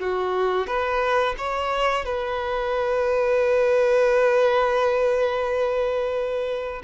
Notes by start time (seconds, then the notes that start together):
0.00 F#4
0.67 B4
1.38 C#5
2.05 B4